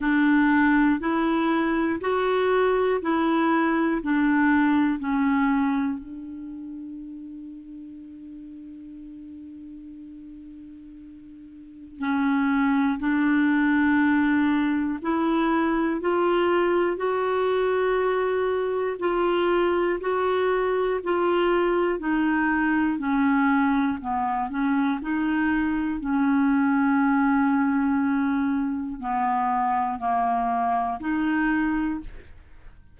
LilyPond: \new Staff \with { instrumentName = "clarinet" } { \time 4/4 \tempo 4 = 60 d'4 e'4 fis'4 e'4 | d'4 cis'4 d'2~ | d'1 | cis'4 d'2 e'4 |
f'4 fis'2 f'4 | fis'4 f'4 dis'4 cis'4 | b8 cis'8 dis'4 cis'2~ | cis'4 b4 ais4 dis'4 | }